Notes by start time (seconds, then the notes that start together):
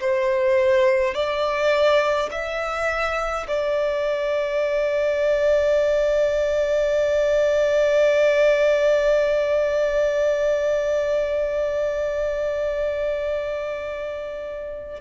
0.00 C5
1.14 D5
2.31 E5
3.48 D5